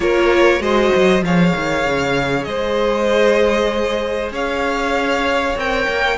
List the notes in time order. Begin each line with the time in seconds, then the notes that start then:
0.00 A#3 F4 A#4 C#5
0.59 G#3 F#4 C5 D#5
0.95 F#3
1.22 F3 G#4 C#5 F5
1.55 D#3
1.85 C#3
2.43 G#3 C5 D#5
4.31 C#4 C#5 F5
5.56 C4 A#4 G5
5.87 A#3